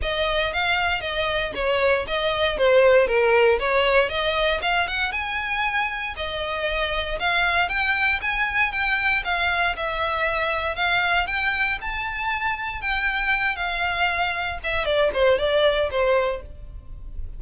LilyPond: \new Staff \with { instrumentName = "violin" } { \time 4/4 \tempo 4 = 117 dis''4 f''4 dis''4 cis''4 | dis''4 c''4 ais'4 cis''4 | dis''4 f''8 fis''8 gis''2 | dis''2 f''4 g''4 |
gis''4 g''4 f''4 e''4~ | e''4 f''4 g''4 a''4~ | a''4 g''4. f''4.~ | f''8 e''8 d''8 c''8 d''4 c''4 | }